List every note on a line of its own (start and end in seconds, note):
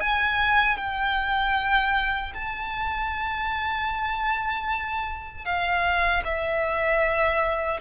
0.00 0.77 G#5
0.77 2.32 G5
2.34 5.45 A5
5.45 6.23 F5
6.24 7.80 E5